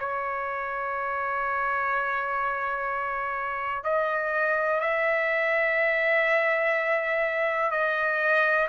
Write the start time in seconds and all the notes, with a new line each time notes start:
0.00 C#5
3.84 D#5
4.81 E5
7.72 D#5